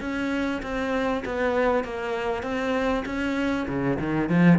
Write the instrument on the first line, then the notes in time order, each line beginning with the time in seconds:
cello
0.00 C#4
0.62 C4
1.25 B3
1.84 A#3
2.43 C4
3.05 C#4
3.68 C#3
3.99 D#3
4.29 F3